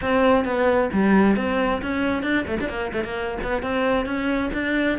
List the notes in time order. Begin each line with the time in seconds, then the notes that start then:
0.01 C4
0.44 B3
0.92 G3
1.36 C4
1.81 C#4
2.22 D4
2.47 A3
2.60 D4
2.68 A#3
2.92 A3
3.04 A#3
3.43 B3
3.62 C4
4.05 C#4
4.53 D4